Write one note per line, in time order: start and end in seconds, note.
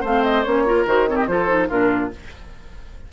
0.00 0.45 A3
0.00 0.45 C4
0.00 0.62 C5
0.00 0.23 F5
0.23 0.43 D#5
0.43 0.85 A#3
0.43 0.66 C#4
0.43 0.84 C#5
0.66 0.86 F4
0.66 1.09 A#4
0.85 1.27 D#3
0.85 1.07 F#4
0.85 1.08 C5
1.07 1.28 C4
1.07 1.15 A4
1.07 1.19 C#5
1.15 1.25 G4
1.15 1.27 D#5
1.27 1.69 F3
1.27 1.47 F4
1.27 1.68 A4
1.27 1.69 C5
1.47 1.68 D#4
1.68 2.12 A#2
1.68 2.10 D4
1.68 2.09 F4
1.68 2.11 A#4